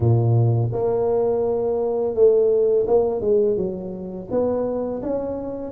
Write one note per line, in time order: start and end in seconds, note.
0.00 0.70 A#2
0.72 2.14 A#3
2.14 2.85 A3
2.87 3.20 A#3
3.20 3.56 G#3
3.56 4.28 F#3
4.30 5.02 B3
5.02 5.71 C#4